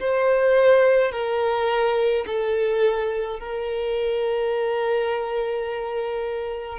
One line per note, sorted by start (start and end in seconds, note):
0.00 1.12 C5
1.12 2.25 A#4
2.26 3.40 A4
3.40 6.79 A#4